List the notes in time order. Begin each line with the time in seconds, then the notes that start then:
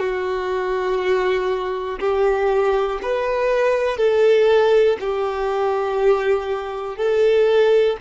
0.00 F#4
2.00 G4
3.03 B4
3.98 A4
5.01 G4
6.97 A4